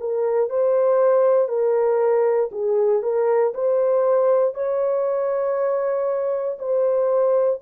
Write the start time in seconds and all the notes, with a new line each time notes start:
0.00 A#4
0.49 C5
1.48 A#4
2.52 G#4
3.02 A#4
3.54 C5
4.54 C#5
6.59 C5